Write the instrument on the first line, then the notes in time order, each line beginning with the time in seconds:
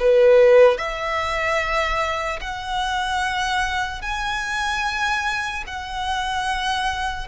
violin
0.00 B4
0.78 E5
2.41 F#5
4.02 G#5
5.67 F#5